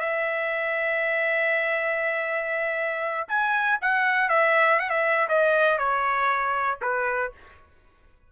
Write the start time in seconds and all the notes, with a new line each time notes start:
0.00 E5
3.28 G#5
3.82 F#5
4.29 E5
4.80 F#5
4.90 E5
5.29 D#5
5.78 C#5
6.82 B4